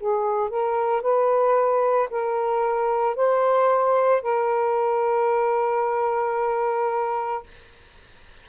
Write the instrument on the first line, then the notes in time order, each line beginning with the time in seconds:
saxophone
0.00 G#4
0.50 A#4
1.02 B4
2.10 A#4
3.16 C5
4.22 A#4